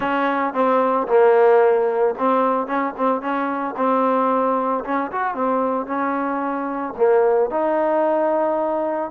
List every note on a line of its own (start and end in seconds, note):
0.00 0.53 C#4
0.53 1.07 C4
1.07 2.14 A#3
2.18 2.66 C4
2.66 2.93 C#4
2.97 3.21 C4
3.21 3.75 C#4
3.76 4.84 C4
4.84 5.11 C#4
5.11 5.34 F#4
5.34 5.86 C4
5.86 6.93 C#4
6.97 7.50 A#3
7.50 9.11 D#4